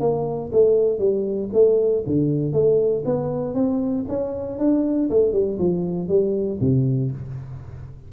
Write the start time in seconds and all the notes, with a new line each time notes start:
0.00 A#3
0.52 A3
0.99 G3
1.53 A3
2.06 D3
2.53 A3
3.06 B3
3.55 C4
4.08 C#4
4.59 D4
5.10 A3
5.33 G3
5.59 F3
6.09 G3
6.61 C3